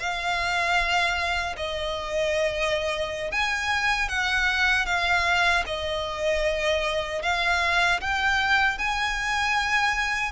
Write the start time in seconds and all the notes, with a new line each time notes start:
0.00 F5
1.57 D#5
3.32 G#5
4.08 F#5
4.86 F5
5.66 D#5
7.22 F5
8.01 G5
8.78 G#5